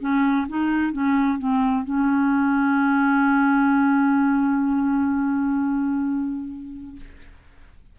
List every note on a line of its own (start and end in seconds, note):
0.00 0.47 C#4
0.48 0.92 D#4
0.92 1.38 C#4
1.38 1.84 C4
1.84 6.96 C#4